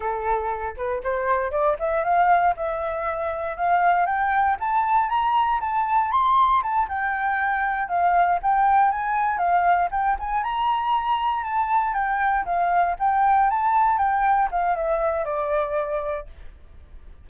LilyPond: \new Staff \with { instrumentName = "flute" } { \time 4/4 \tempo 4 = 118 a'4. b'8 c''4 d''8 e''8 | f''4 e''2 f''4 | g''4 a''4 ais''4 a''4 | c'''4 a''8 g''2 f''8~ |
f''8 g''4 gis''4 f''4 g''8 | gis''8 ais''2 a''4 g''8~ | g''8 f''4 g''4 a''4 g''8~ | g''8 f''8 e''4 d''2 | }